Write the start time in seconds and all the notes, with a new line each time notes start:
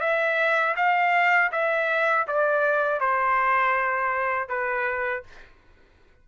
0.00 E5
0.76 F5
1.52 E5
2.27 D5
3.00 C5
4.49 B4